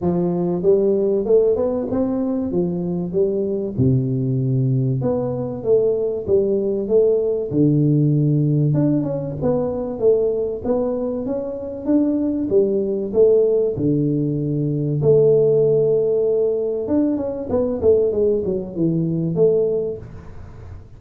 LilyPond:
\new Staff \with { instrumentName = "tuba" } { \time 4/4 \tempo 4 = 96 f4 g4 a8 b8 c'4 | f4 g4 c2 | b4 a4 g4 a4 | d2 d'8 cis'8 b4 |
a4 b4 cis'4 d'4 | g4 a4 d2 | a2. d'8 cis'8 | b8 a8 gis8 fis8 e4 a4 | }